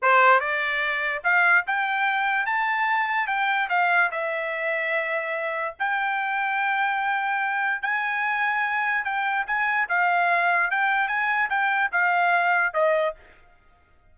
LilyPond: \new Staff \with { instrumentName = "trumpet" } { \time 4/4 \tempo 4 = 146 c''4 d''2 f''4 | g''2 a''2 | g''4 f''4 e''2~ | e''2 g''2~ |
g''2. gis''4~ | gis''2 g''4 gis''4 | f''2 g''4 gis''4 | g''4 f''2 dis''4 | }